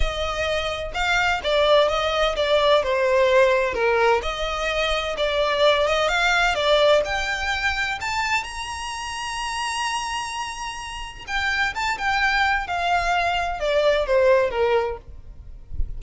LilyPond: \new Staff \with { instrumentName = "violin" } { \time 4/4 \tempo 4 = 128 dis''2 f''4 d''4 | dis''4 d''4 c''2 | ais'4 dis''2 d''4~ | d''8 dis''8 f''4 d''4 g''4~ |
g''4 a''4 ais''2~ | ais''1 | g''4 a''8 g''4. f''4~ | f''4 d''4 c''4 ais'4 | }